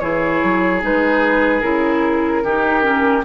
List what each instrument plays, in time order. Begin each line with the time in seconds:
0.00 bassoon E3, clarinet E4, oboe G#4, flute C#5
0.44 bassoon F#3
0.82 bassoon G#3, clarinet D#4, flute B4
1.61 bassoon C#3, clarinet E4, flute A#4
2.44 bassoon D#3, clarinet D#4, oboe G4
2.82 clarinet C#4